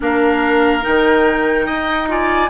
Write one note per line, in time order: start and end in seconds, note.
0.00 0.84 A#3
0.00 0.81 D4
0.00 1.66 A#4
0.00 0.84 F5
0.81 1.68 D#3
0.81 2.06 D#4
0.81 2.09 G5
1.66 2.49 D#4
1.66 2.07 D#5
2.07 2.49 F4
2.07 2.49 D5
2.07 2.49 G#5